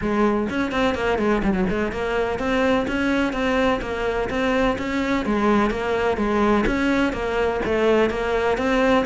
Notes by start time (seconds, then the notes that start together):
0.01 G#3
0.49 C#4
0.71 C4
0.95 A#3
1.18 G#3
1.43 G3
1.53 F#3
1.69 G#3
1.92 A#3
2.38 C4
2.87 C#4
3.32 C4
3.81 A#3
4.29 C4
4.78 C#4
5.25 G#3
5.70 A#3
6.17 G#3
6.66 C#4
7.12 A#3
7.65 A3
8.10 A#3
8.57 C4